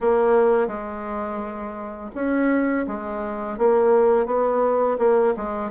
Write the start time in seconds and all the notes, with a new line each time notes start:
0.00 A#3
0.67 G#3
2.14 C#4
2.87 G#3
3.57 A#3
4.26 B3
4.98 A#3
5.36 G#3